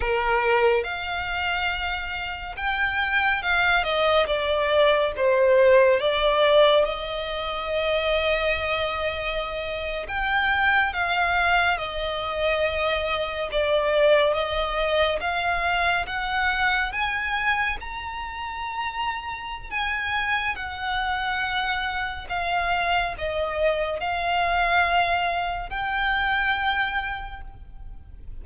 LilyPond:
\new Staff \with { instrumentName = "violin" } { \time 4/4 \tempo 4 = 70 ais'4 f''2 g''4 | f''8 dis''8 d''4 c''4 d''4 | dis''2.~ dis''8. g''16~ | g''8. f''4 dis''2 d''16~ |
d''8. dis''4 f''4 fis''4 gis''16~ | gis''8. ais''2~ ais''16 gis''4 | fis''2 f''4 dis''4 | f''2 g''2 | }